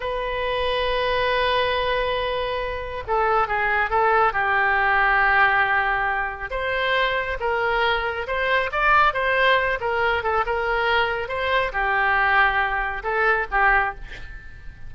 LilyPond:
\new Staff \with { instrumentName = "oboe" } { \time 4/4 \tempo 4 = 138 b'1~ | b'2. a'4 | gis'4 a'4 g'2~ | g'2. c''4~ |
c''4 ais'2 c''4 | d''4 c''4. ais'4 a'8 | ais'2 c''4 g'4~ | g'2 a'4 g'4 | }